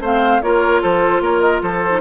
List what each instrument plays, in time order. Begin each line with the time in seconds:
0.00 bassoon A3, clarinet C4, oboe C5, flute F5
0.42 bassoon A#3, clarinet F4, oboe A#4, flute C#5
0.82 bassoon F3, oboe A4, flute C5
1.21 bassoon A#3, oboe A#4, flute C#5
1.41 flute D#5
1.62 bassoon F3, oboe A4, flute C5
1.91 clarinet D#4